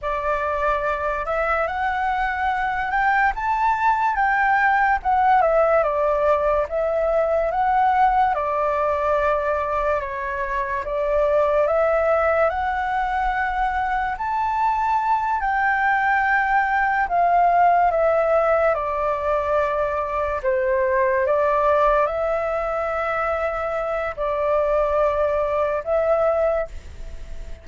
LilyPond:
\new Staff \with { instrumentName = "flute" } { \time 4/4 \tempo 4 = 72 d''4. e''8 fis''4. g''8 | a''4 g''4 fis''8 e''8 d''4 | e''4 fis''4 d''2 | cis''4 d''4 e''4 fis''4~ |
fis''4 a''4. g''4.~ | g''8 f''4 e''4 d''4.~ | d''8 c''4 d''4 e''4.~ | e''4 d''2 e''4 | }